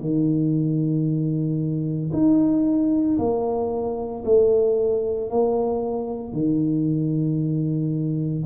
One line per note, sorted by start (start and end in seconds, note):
0.00 2.11 D#3
2.12 3.18 D#4
3.18 4.23 A#3
4.25 5.30 A3
5.30 6.33 A#3
6.33 8.43 D#3